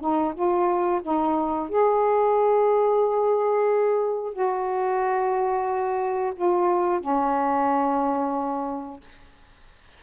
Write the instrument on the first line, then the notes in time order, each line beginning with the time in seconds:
saxophone
0.00 D#4
0.34 F4
1.02 D#4
1.69 G#4
4.33 F#4
6.35 F4
7.00 C#4